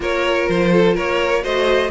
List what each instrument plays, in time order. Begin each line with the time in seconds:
0.00 cello A#3, viola F4, violin A#4 C#5
0.48 cello F3, violin C5
0.72 violin A4
0.94 cello A#3, violin A#4 C#5
1.42 cello A3, viola F#4, violin C5 D#5